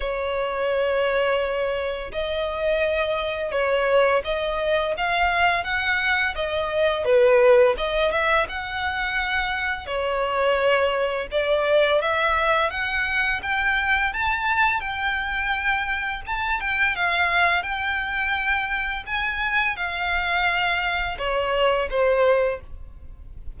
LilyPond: \new Staff \with { instrumentName = "violin" } { \time 4/4 \tempo 4 = 85 cis''2. dis''4~ | dis''4 cis''4 dis''4 f''4 | fis''4 dis''4 b'4 dis''8 e''8 | fis''2 cis''2 |
d''4 e''4 fis''4 g''4 | a''4 g''2 a''8 g''8 | f''4 g''2 gis''4 | f''2 cis''4 c''4 | }